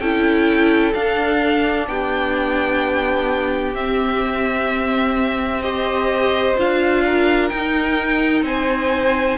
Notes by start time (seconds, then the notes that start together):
0.00 C#4 E4 A4 G5
0.94 D4 F5
1.88 B3 G4 G5
3.75 C4 E5
5.62 G4 C5 D#5
6.58 D4 F4 F5
7.05 A#4
7.49 D#4 G5
8.42 C4 C5 G#5